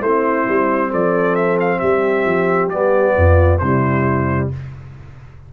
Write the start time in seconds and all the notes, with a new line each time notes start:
0.00 A3 C4 E4 C5
0.48 G3
0.91 F3 A4 D5
1.35 E5
1.60 F5
1.79 G3 G4 E5
2.24 F3
2.68 G3 B3 D5
3.16 F2 F4
3.58 C3 G3 E4 C5